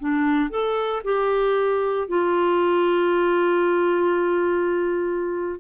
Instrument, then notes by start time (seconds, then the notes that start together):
clarinet
0.00 D4
0.50 A4
1.04 G4
2.08 F4